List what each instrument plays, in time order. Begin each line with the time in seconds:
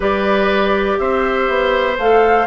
0.00 bassoon G3, clarinet G4, oboe B4, flute D5
0.98 bassoon C4, oboe C5, flute E5
1.48 bassoon B3
1.97 bassoon A3, clarinet A4, flute F5